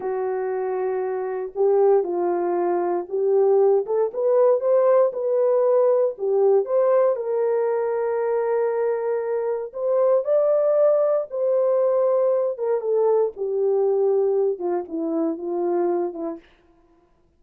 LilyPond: \new Staff \with { instrumentName = "horn" } { \time 4/4 \tempo 4 = 117 fis'2. g'4 | f'2 g'4. a'8 | b'4 c''4 b'2 | g'4 c''4 ais'2~ |
ais'2. c''4 | d''2 c''2~ | c''8 ais'8 a'4 g'2~ | g'8 f'8 e'4 f'4. e'8 | }